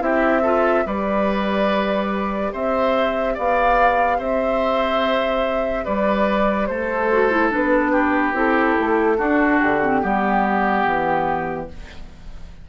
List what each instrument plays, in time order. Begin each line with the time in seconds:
0.00 bassoon C4, clarinet E4, oboe G4, flute E5
0.42 clarinet F4, oboe A4
0.85 bassoon G3, clarinet G4, oboe B4, flute D5
2.53 bassoon C4, oboe C5, flute E5
3.35 bassoon B3, oboe D5, flute F5
4.19 bassoon C4, oboe C5, flute E5
5.85 bassoon G3, oboe B4, flute D5
6.67 bassoon A3, oboe A4, flute C5
7.12 clarinet F#4
7.31 clarinet E4
7.51 bassoon B3, clarinet D4, flute B4
7.92 oboe G4
8.34 bassoon C4, clarinet E4, flute A4
8.80 bassoon A3
9.18 bassoon D4, clarinet D4, oboe F#4
9.60 bassoon D3, flute G4
9.82 clarinet C4
10.02 bassoon G3, clarinet B3, oboe G4
10.85 bassoon E3